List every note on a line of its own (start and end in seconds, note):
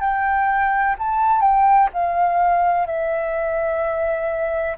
0.00 0.95 G5
0.98 1.41 A5
1.41 1.88 G5
1.93 2.86 F5
2.86 4.76 E5